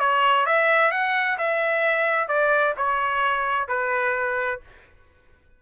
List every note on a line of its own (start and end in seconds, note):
0.00 0.46 C#5
0.46 0.91 E5
0.91 1.38 F#5
1.38 2.28 E5
2.28 2.74 D5
2.77 3.68 C#5
3.68 4.60 B4